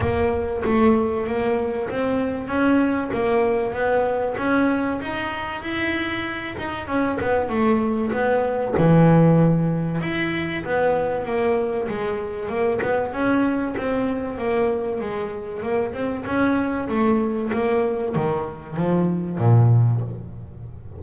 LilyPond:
\new Staff \with { instrumentName = "double bass" } { \time 4/4 \tempo 4 = 96 ais4 a4 ais4 c'4 | cis'4 ais4 b4 cis'4 | dis'4 e'4. dis'8 cis'8 b8 | a4 b4 e2 |
e'4 b4 ais4 gis4 | ais8 b8 cis'4 c'4 ais4 | gis4 ais8 c'8 cis'4 a4 | ais4 dis4 f4 ais,4 | }